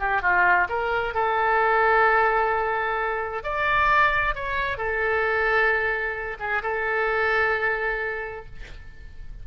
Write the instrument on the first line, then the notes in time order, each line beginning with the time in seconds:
oboe
0.00 G4
0.22 F4
0.70 A#4
1.15 A4
3.44 D5
4.35 C#5
4.78 A4
6.40 G#4
6.63 A4